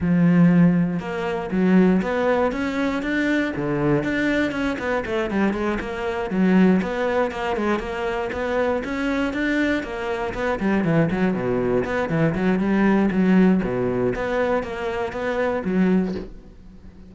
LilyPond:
\new Staff \with { instrumentName = "cello" } { \time 4/4 \tempo 4 = 119 f2 ais4 fis4 | b4 cis'4 d'4 d4 | d'4 cis'8 b8 a8 g8 gis8 ais8~ | ais8 fis4 b4 ais8 gis8 ais8~ |
ais8 b4 cis'4 d'4 ais8~ | ais8 b8 g8 e8 fis8 b,4 b8 | e8 fis8 g4 fis4 b,4 | b4 ais4 b4 fis4 | }